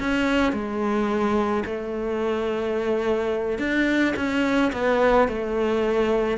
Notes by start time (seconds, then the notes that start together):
0.00 C#4
0.53 G#3
1.66 A3
3.59 D4
4.17 C#4
4.73 B3
5.29 A3